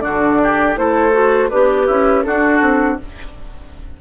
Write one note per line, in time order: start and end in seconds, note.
0.00 0.77 D3
0.00 0.74 D4
0.00 0.41 F#4
0.00 0.75 D5
0.42 0.79 G4
0.75 1.51 A3
0.75 1.12 E4
0.75 1.50 A4
0.75 1.50 C5
1.12 1.49 F#4
1.50 1.89 B3
1.50 1.86 D4
1.50 2.25 G4
1.50 2.23 B4
1.86 2.25 C#4
1.86 2.23 E4
2.23 2.61 D4
2.23 3.00 D4
2.23 3.01 F#4
2.23 2.97 A4
2.61 2.98 C4